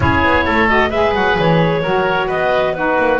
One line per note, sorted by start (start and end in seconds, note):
0.00 0.23 C#4
0.00 0.68 E4
0.00 0.44 G#4
0.00 0.69 C#5
0.23 0.46 B3
0.44 0.92 A3
0.44 0.89 A4
0.68 0.91 F#4
0.68 0.90 D#5
0.89 1.14 G#3
0.89 1.82 G#4
0.89 1.81 B4
0.89 1.13 E5
1.14 1.37 F#3
1.14 1.37 F#5
1.38 1.84 E3
1.38 2.29 C#5
1.82 2.29 F#3
1.82 2.74 F#4
1.82 2.26 A#4
2.26 2.97 B3
2.26 2.72 B4
2.26 2.74 D#5
2.74 3.19 D#4
2.74 3.19 F#4
2.74 3.19 B4
2.98 3.19 A#3